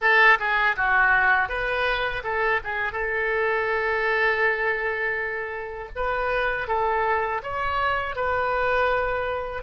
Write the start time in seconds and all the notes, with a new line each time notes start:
0.01 A4
0.39 G#4
0.76 F#4
1.48 B4
2.23 A4
2.64 G#4
2.92 A4
5.95 B4
6.67 A4
7.42 C#5
8.15 B4